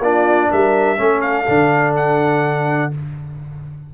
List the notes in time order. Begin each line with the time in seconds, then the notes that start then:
0.00 A#3 D4 F4 D5
0.51 G3 A#4 E5
0.97 A3 C#4 A4
1.22 F5
1.46 D3 D4
1.96 F#5